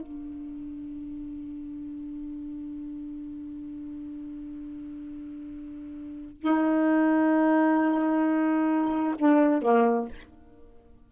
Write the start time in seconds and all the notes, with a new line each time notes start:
0.00 D4
6.41 D#4
9.19 D4
9.62 A#3